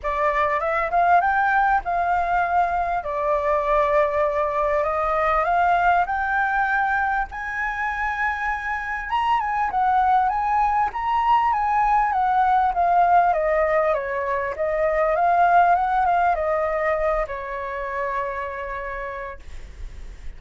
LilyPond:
\new Staff \with { instrumentName = "flute" } { \time 4/4 \tempo 4 = 99 d''4 e''8 f''8 g''4 f''4~ | f''4 d''2. | dis''4 f''4 g''2 | gis''2. ais''8 gis''8 |
fis''4 gis''4 ais''4 gis''4 | fis''4 f''4 dis''4 cis''4 | dis''4 f''4 fis''8 f''8 dis''4~ | dis''8 cis''2.~ cis''8 | }